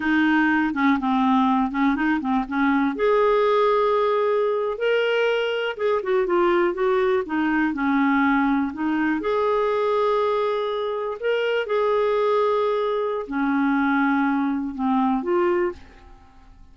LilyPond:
\new Staff \with { instrumentName = "clarinet" } { \time 4/4 \tempo 4 = 122 dis'4. cis'8 c'4. cis'8 | dis'8 c'8 cis'4 gis'2~ | gis'4.~ gis'16 ais'2 gis'16~ | gis'16 fis'8 f'4 fis'4 dis'4 cis'16~ |
cis'4.~ cis'16 dis'4 gis'4~ gis'16~ | gis'2~ gis'8. ais'4 gis'16~ | gis'2. cis'4~ | cis'2 c'4 f'4 | }